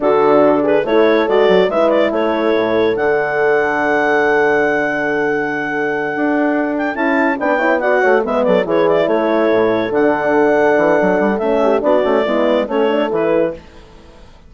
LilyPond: <<
  \new Staff \with { instrumentName = "clarinet" } { \time 4/4 \tempo 4 = 142 a'4. b'8 cis''4 d''4 | e''8 d''8 cis''2 fis''4~ | fis''1~ | fis''1 |
g''8 a''4 g''4 fis''4 e''8 | d''8 cis''8 d''8 cis''2 fis''8~ | fis''2. e''4 | d''2 cis''4 b'4 | }
  \new Staff \with { instrumentName = "horn" } { \time 4/4 fis'4. gis'8 a'2 | b'4 a'2.~ | a'1~ | a'1~ |
a'4. b'8 cis''8 d''8 cis''8 b'8 | a'8 gis'4 a'2~ a'8~ | a'2.~ a'8 g'8 | fis'4 e'4 a'2 | }
  \new Staff \with { instrumentName = "horn" } { \time 4/4 d'2 e'4 fis'4 | e'2. d'4~ | d'1~ | d'1~ |
d'8 e'4 d'8 e'8 fis'4 b8~ | b8 e'2. d'8~ | d'2. cis'4 | d'8 cis'8 b4 cis'8 d'8 e'4 | }
  \new Staff \with { instrumentName = "bassoon" } { \time 4/4 d2 a4 gis8 fis8 | gis4 a4 a,4 d4~ | d1~ | d2~ d8 d'4.~ |
d'8 cis'4 b4. a8 gis8 | fis8 e4 a4 a,4 d8~ | d4. e8 fis8 g8 a4 | b8 a8 gis4 a4 e4 | }
>>